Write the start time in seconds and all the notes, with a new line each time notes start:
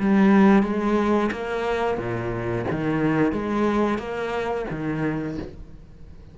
0.00 G3
0.63 G#3
1.32 A#3
1.98 A#2
2.71 D#3
3.32 G#3
3.99 A#3
4.71 D#3